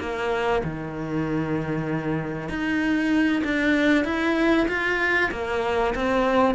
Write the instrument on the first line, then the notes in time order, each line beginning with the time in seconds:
cello
0.00 A#3
0.64 D#3
2.49 D#4
3.45 D4
4.05 E4
4.68 F4
5.32 A#3
5.95 C4